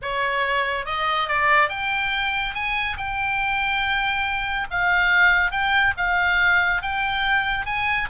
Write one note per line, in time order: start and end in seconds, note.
0.02 0.85 C#5
0.85 1.28 D#5
1.28 1.69 D5
1.69 2.54 G5
2.54 2.97 G#5
2.97 4.67 G5
4.70 5.51 F5
5.51 5.93 G5
5.97 6.82 F5
6.82 7.65 G5
7.65 8.08 G#5